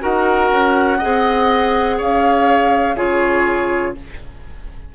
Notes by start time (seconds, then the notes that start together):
0.00 D#4 F#4 A#4 F#5
0.51 C#4
0.98 C4 G#4 D#5
1.98 C#4 C#5 F5
2.95 C#3 F4 G#4 C#5